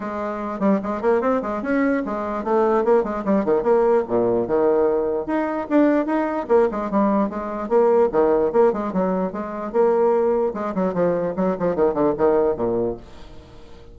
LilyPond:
\new Staff \with { instrumentName = "bassoon" } { \time 4/4 \tempo 4 = 148 gis4. g8 gis8 ais8 c'8 gis8 | cis'4 gis4 a4 ais8 gis8 | g8 dis8 ais4 ais,4 dis4~ | dis4 dis'4 d'4 dis'4 |
ais8 gis8 g4 gis4 ais4 | dis4 ais8 gis8 fis4 gis4 | ais2 gis8 fis8 f4 | fis8 f8 dis8 d8 dis4 ais,4 | }